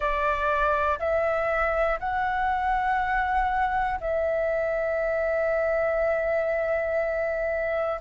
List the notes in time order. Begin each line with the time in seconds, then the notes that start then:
0.00 D5
0.99 E5
1.99 F#5
4.00 E5